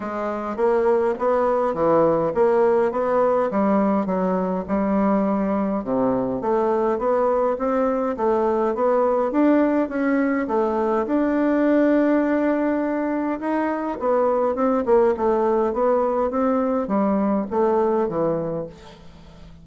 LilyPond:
\new Staff \with { instrumentName = "bassoon" } { \time 4/4 \tempo 4 = 103 gis4 ais4 b4 e4 | ais4 b4 g4 fis4 | g2 c4 a4 | b4 c'4 a4 b4 |
d'4 cis'4 a4 d'4~ | d'2. dis'4 | b4 c'8 ais8 a4 b4 | c'4 g4 a4 e4 | }